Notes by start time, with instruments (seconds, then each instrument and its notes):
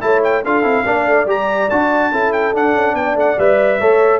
0.00 tuba A3, trombone E4, horn C#5, trumpet A5
0.23 trumpet G5
0.43 tuba D4, trombone F4, horn A4, trumpet F5
0.63 tuba C4, trombone E4
0.85 tuba A#3, trombone D4, horn D5
1.06 tuba A3
1.25 tuba G3, trombone G4, trumpet A#5
1.69 tuba D4, trombone F#4, trumpet A5
2.11 tuba C#4, trombone E4, horn A4
2.32 trumpet G5
2.53 trombone D4, tuba D4, trumpet F#5
2.74 tuba C#4
2.94 tuba B3, horn D5, trumpet G5
3.15 tuba A3, trumpet F#5
3.38 tuba G3, trombone B4, trumpet E5
3.80 tuba A3, trombone A4, horn C#5